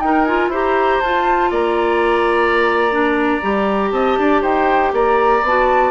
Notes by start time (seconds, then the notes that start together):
0.00 D#4 A#4 G5
0.25 F4 G#5
0.48 E4 G4 C5
0.55 A#5
1.01 F4 A5
1.51 A#3 D5 A#5
2.91 D4
3.42 G3 G4
3.92 C4 D#5 A5
4.18 D4 D5
4.42 D#4 C5 G5
4.93 A#3 D5 A#5
5.43 B3 F#4 A5